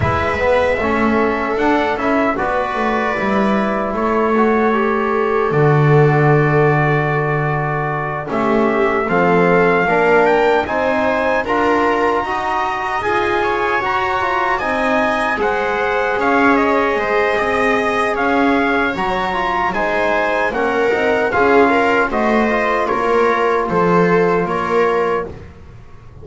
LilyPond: <<
  \new Staff \with { instrumentName = "trumpet" } { \time 4/4 \tempo 4 = 76 e''2 fis''8 e''8 d''4~ | d''4 cis''2 d''4~ | d''2~ d''8 e''4 f''8~ | f''4 g''8 gis''4 ais''4.~ |
ais''8 gis''4 ais''4 gis''4 fis''8~ | fis''8 f''8 dis''2 f''4 | ais''4 gis''4 fis''4 f''4 | dis''4 cis''4 c''4 cis''4 | }
  \new Staff \with { instrumentName = "viola" } { \time 4/4 b'4 a'2 b'4~ | b'4 a'2.~ | a'2~ a'8 g'4 a'8~ | a'8 ais'4 c''4 ais'4 dis''8~ |
dis''4 cis''4. dis''4 c''8~ | c''8 cis''4 c''8 dis''4 cis''4~ | cis''4 c''4 ais'4 gis'8 ais'8 | c''4 ais'4 a'4 ais'4 | }
  \new Staff \with { instrumentName = "trombone" } { \time 4/4 e'8 b8 cis'4 d'8 e'8 fis'4 | e'4. fis'8 g'4 fis'4~ | fis'2~ fis'8 cis'4 c'8~ | c'8 d'4 dis'4 f'4 fis'8~ |
fis'8 gis'4 fis'8 f'8 dis'4 gis'8~ | gis'1 | fis'8 f'8 dis'4 cis'8 dis'8 f'4 | fis'8 f'2.~ f'8 | }
  \new Staff \with { instrumentName = "double bass" } { \time 4/4 gis4 a4 d'8 cis'8 b8 a8 | g4 a2 d4~ | d2~ d8 a4 f8~ | f8 ais4 c'4 d'4 dis'8~ |
dis'8 f'4 fis'4 c'4 gis8~ | gis8 cis'4 gis8 c'4 cis'4 | fis4 gis4 ais8 c'8 cis'4 | a4 ais4 f4 ais4 | }
>>